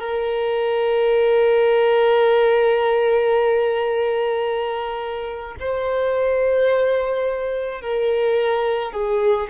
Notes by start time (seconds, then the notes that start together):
0.00 A#4
5.60 C5
7.81 A#4
8.92 G#4